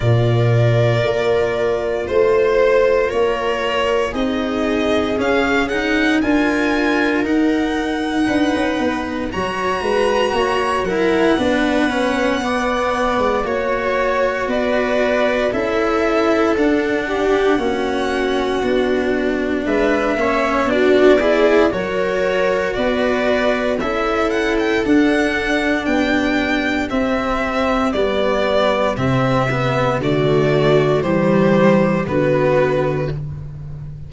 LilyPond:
<<
  \new Staff \with { instrumentName = "violin" } { \time 4/4 \tempo 4 = 58 d''2 c''4 cis''4 | dis''4 f''8 fis''8 gis''4 fis''4~ | fis''4 ais''4. fis''4.~ | fis''4 cis''4 d''4 e''4 |
fis''2. e''4 | d''4 cis''4 d''4 e''8 fis''16 g''16 | fis''4 g''4 e''4 d''4 | e''4 d''4 c''4 b'4 | }
  \new Staff \with { instrumentName = "viola" } { \time 4/4 ais'2 c''4 ais'4 | gis'2 ais'2 | b'4 cis''8 b'8 cis''8 ais'8 b'4 | d''4 cis''4 b'4 a'4~ |
a'8 g'8 fis'2 b'8 cis''8 | fis'8 gis'8 ais'4 b'4 a'4~ | a'4 g'2.~ | g'4 fis'4 g'4 fis'4 | }
  \new Staff \with { instrumentName = "cello" } { \time 4/4 f'1 | dis'4 cis'8 dis'8 f'4 dis'4~ | dis'4 fis'4. e'8 d'8 cis'8 | b4 fis'2 e'4 |
d'4 cis'4 d'4. cis'8 | d'8 e'8 fis'2 e'4 | d'2 c'4 b4 | c'8 b8 a4 g4 b4 | }
  \new Staff \with { instrumentName = "tuba" } { \time 4/4 ais,4 ais4 a4 ais4 | c'4 cis'4 d'4 dis'4 | d'16 cis'16 b8 fis8 gis8 ais8 fis8 b4~ | b8. gis16 ais4 b4 cis'4 |
d'4 ais4 b4 gis8 ais8 | b4 fis4 b4 cis'4 | d'4 b4 c'4 g4 | c4 d4 e4 d4 | }
>>